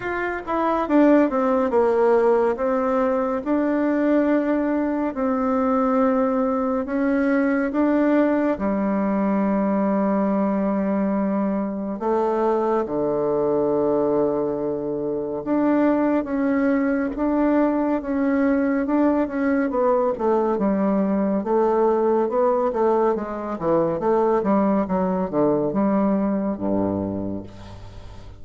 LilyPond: \new Staff \with { instrumentName = "bassoon" } { \time 4/4 \tempo 4 = 70 f'8 e'8 d'8 c'8 ais4 c'4 | d'2 c'2 | cis'4 d'4 g2~ | g2 a4 d4~ |
d2 d'4 cis'4 | d'4 cis'4 d'8 cis'8 b8 a8 | g4 a4 b8 a8 gis8 e8 | a8 g8 fis8 d8 g4 g,4 | }